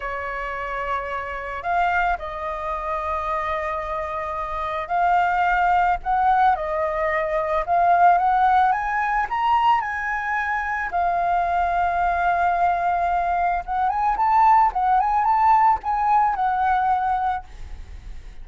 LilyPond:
\new Staff \with { instrumentName = "flute" } { \time 4/4 \tempo 4 = 110 cis''2. f''4 | dis''1~ | dis''4 f''2 fis''4 | dis''2 f''4 fis''4 |
gis''4 ais''4 gis''2 | f''1~ | f''4 fis''8 gis''8 a''4 fis''8 gis''8 | a''4 gis''4 fis''2 | }